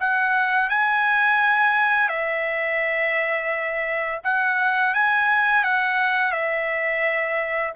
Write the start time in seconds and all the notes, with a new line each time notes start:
0.00 F#5
0.70 G#5
2.09 E5
4.24 F#5
4.94 G#5
5.64 F#5
6.32 E5